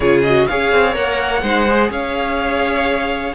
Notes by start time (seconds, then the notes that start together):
0.00 C#3 F4 G#4 C#5
0.23 F#4 D#5
0.47 C#4 G#4 C#5 F5
0.72 C4
0.93 A#3 A#4 F#5
1.42 G#3 D#4 C5
1.67 G#4
1.90 C#4 C#5 F5